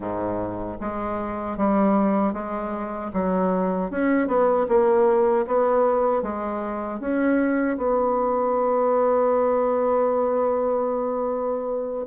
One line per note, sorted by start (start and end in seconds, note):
0.00 0.78 G#2
0.80 1.57 G#3
1.57 2.33 G3
2.33 3.11 G#3
3.13 3.90 F#3
3.90 4.27 C#4
4.27 4.66 B3
4.68 5.46 A#3
5.47 6.22 B3
6.22 7.00 G#3
7.00 7.77 C#4
7.77 12.05 B3